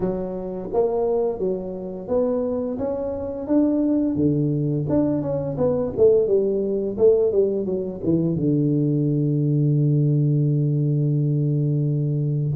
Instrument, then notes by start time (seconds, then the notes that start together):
tuba
0.00 F#3
0.73 A#3
1.38 F#3
2.08 B3
2.78 C#4
3.47 D4
4.15 D3
4.89 D4
5.21 C#4
5.57 B3
5.97 A3
6.27 G3
6.97 A3
7.32 G3
7.65 F#3
8.03 E3
8.35 D3